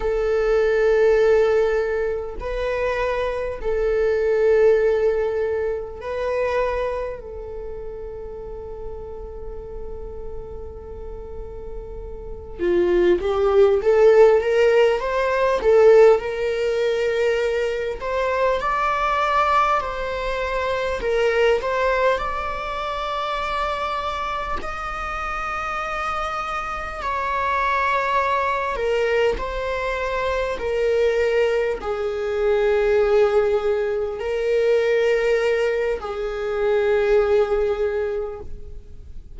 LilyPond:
\new Staff \with { instrumentName = "viola" } { \time 4/4 \tempo 4 = 50 a'2 b'4 a'4~ | a'4 b'4 a'2~ | a'2~ a'8 f'8 g'8 a'8 | ais'8 c''8 a'8 ais'4. c''8 d''8~ |
d''8 c''4 ais'8 c''8 d''4.~ | d''8 dis''2 cis''4. | ais'8 c''4 ais'4 gis'4.~ | gis'8 ais'4. gis'2 | }